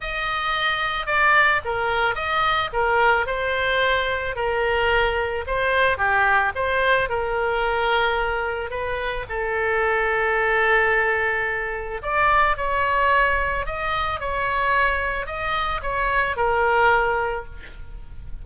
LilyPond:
\new Staff \with { instrumentName = "oboe" } { \time 4/4 \tempo 4 = 110 dis''2 d''4 ais'4 | dis''4 ais'4 c''2 | ais'2 c''4 g'4 | c''4 ais'2. |
b'4 a'2.~ | a'2 d''4 cis''4~ | cis''4 dis''4 cis''2 | dis''4 cis''4 ais'2 | }